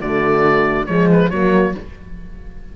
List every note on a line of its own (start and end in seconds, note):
0.00 0.87 D3
0.00 0.86 A3
0.00 0.87 F#4
0.00 0.86 D5
0.86 1.31 F3
0.86 1.30 G#3
0.86 1.31 G#4
0.86 1.07 C#5
1.11 1.30 B4
1.30 1.74 F#3
1.30 1.76 A#3
1.30 1.74 F#4
1.30 1.73 C#5